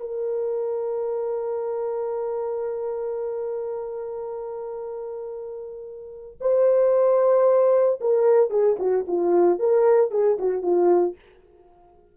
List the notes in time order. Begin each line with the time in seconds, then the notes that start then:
0.00 A#4
6.40 C5
8.00 A#4
8.50 G#4
8.79 F#4
9.07 F4
9.59 A#4
10.11 G#4
10.39 F#4
10.62 F4